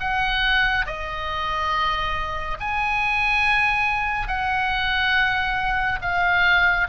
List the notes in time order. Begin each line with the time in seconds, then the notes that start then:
0.00 F#5
0.86 D#5
2.60 G#5
4.28 F#5
6.02 F5